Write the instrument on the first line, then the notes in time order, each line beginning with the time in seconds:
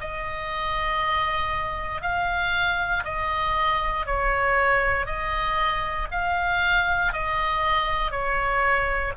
oboe
0.00 D#5
2.01 F5
3.04 D#5
4.06 C#5
5.06 D#5
6.11 F5
7.12 D#5
8.11 C#5